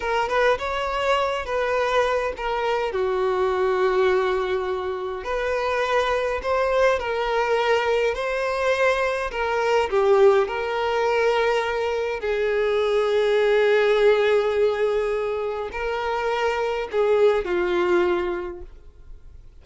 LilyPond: \new Staff \with { instrumentName = "violin" } { \time 4/4 \tempo 4 = 103 ais'8 b'8 cis''4. b'4. | ais'4 fis'2.~ | fis'4 b'2 c''4 | ais'2 c''2 |
ais'4 g'4 ais'2~ | ais'4 gis'2.~ | gis'2. ais'4~ | ais'4 gis'4 f'2 | }